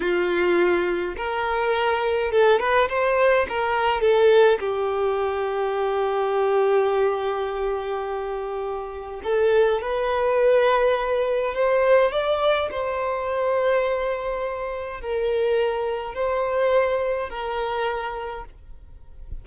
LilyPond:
\new Staff \with { instrumentName = "violin" } { \time 4/4 \tempo 4 = 104 f'2 ais'2 | a'8 b'8 c''4 ais'4 a'4 | g'1~ | g'1 |
a'4 b'2. | c''4 d''4 c''2~ | c''2 ais'2 | c''2 ais'2 | }